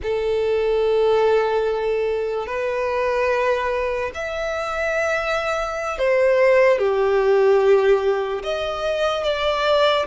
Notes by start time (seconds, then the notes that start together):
0.03 A4
2.47 B4
4.14 E5
5.98 C5
6.78 G4
8.43 D#5
9.23 D5